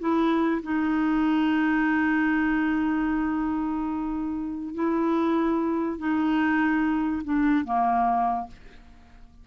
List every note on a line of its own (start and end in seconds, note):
0.00 0.62 E4
0.63 4.75 D#4
4.75 5.99 E4
5.99 7.23 D#4
7.24 7.65 D4
7.65 8.48 A#3